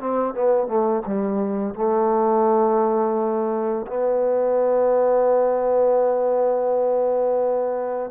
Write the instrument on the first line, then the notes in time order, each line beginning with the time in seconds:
trombone
0.00 C4
0.34 B3
0.67 A3
1.06 G3
1.75 A3
3.87 B3